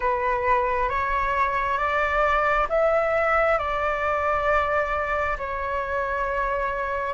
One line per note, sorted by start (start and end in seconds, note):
0.00 0.89 B4
0.89 1.77 C#5
1.77 2.67 D5
2.69 3.58 E5
3.58 5.37 D5
5.37 7.14 C#5